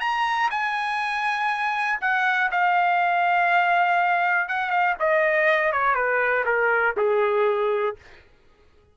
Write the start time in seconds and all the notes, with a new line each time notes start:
0.00 A#5
0.50 G#5
2.01 F#5
2.51 F5
4.48 F#5
4.70 F5
4.99 D#5
5.72 C#5
5.95 B4
6.45 A#4
6.97 G#4